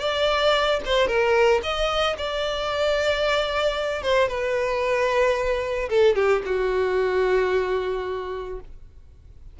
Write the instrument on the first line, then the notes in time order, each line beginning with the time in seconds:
violin
0.00 D5
0.85 C5
1.07 A#4
1.63 D#5
2.18 D5
4.03 C5
4.28 B4
5.90 A4
6.16 G4
6.46 F#4